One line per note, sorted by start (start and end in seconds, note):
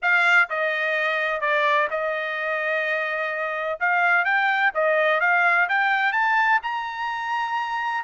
0.02 0.49 F5
0.49 1.40 D#5
1.40 1.88 D5
1.90 3.79 D#5
3.79 4.25 F5
4.25 4.72 G5
4.74 5.20 D#5
5.20 5.67 F5
5.68 6.12 G5
6.12 6.59 A5
6.62 8.03 A#5